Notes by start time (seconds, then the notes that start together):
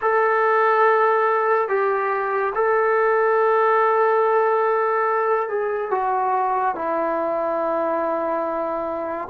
0.01 A4
1.68 G4
2.55 A4
5.49 G#4
5.90 F#4
6.75 E4